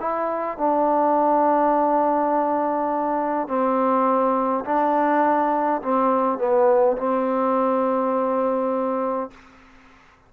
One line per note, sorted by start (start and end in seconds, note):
0.00 0.58 E4
0.58 3.48 D4
3.48 4.64 C4
4.65 5.81 D4
5.82 6.38 C4
6.38 6.97 B3
6.97 9.30 C4